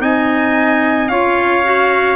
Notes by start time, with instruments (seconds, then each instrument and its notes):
0.00 tuba C4, clarinet D#4, trumpet D#5 G#5
1.08 tuba C#4, clarinet F4, trumpet C#5 F5
1.64 clarinet F#4